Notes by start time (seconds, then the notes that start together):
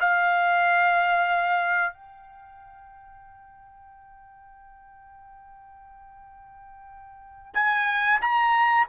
0.00 F5
1.94 G5
7.54 G#5
8.21 A#5